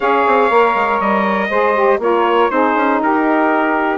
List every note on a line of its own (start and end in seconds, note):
0.00 0.25 C#4
0.00 0.50 G#4
0.00 1.47 C#5
0.00 1.00 F5
0.26 0.50 C4
0.50 0.74 A#3
0.50 1.50 A#4
0.74 0.99 G#3
0.99 1.49 G3
0.99 2.00 D#5
1.49 1.98 G#3
1.49 1.74 G#4
1.49 1.99 C5
1.74 1.99 G4
1.98 2.48 A#3
1.98 2.49 F4
1.98 2.51 A#4
1.98 2.50 C#5
2.49 2.75 C4
2.49 3.98 D#4
2.49 3.01 G#4
2.49 3.00 C5
2.75 3.00 C#4
3.01 3.98 D#4
3.01 3.98 G4
3.01 3.98 A#4